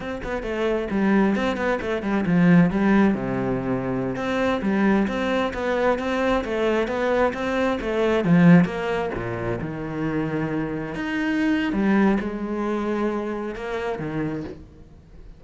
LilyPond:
\new Staff \with { instrumentName = "cello" } { \time 4/4 \tempo 4 = 133 c'8 b8 a4 g4 c'8 b8 | a8 g8 f4 g4 c4~ | c4~ c16 c'4 g4 c'8.~ | c'16 b4 c'4 a4 b8.~ |
b16 c'4 a4 f4 ais8.~ | ais16 ais,4 dis2~ dis8.~ | dis16 dis'4.~ dis'16 g4 gis4~ | gis2 ais4 dis4 | }